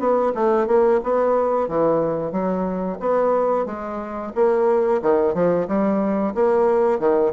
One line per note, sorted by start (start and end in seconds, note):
0.00 0.33 B3
0.35 0.68 A3
0.68 1.01 A#3
1.04 1.69 B3
1.69 2.32 E3
2.32 2.99 F#3
3.01 3.66 B3
3.66 4.33 G#3
4.35 5.02 A#3
5.03 5.35 D#3
5.35 5.68 F3
5.68 6.35 G3
6.35 7.00 A#3
7.00 7.33 D#3